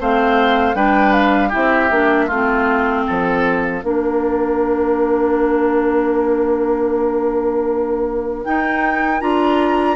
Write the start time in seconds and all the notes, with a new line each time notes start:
0.00 A3 C4 C5 F5
0.75 G3 D4 B4 G5
1.13 F5
1.49 E4 G4 E5
1.56 C4
1.91 A#3 D4
2.27 A3 C4 F4 F5
3.07 F3 A4
3.82 A#3 D4 A#4
8.45 D#4 G5
9.20 D4 F4 A#5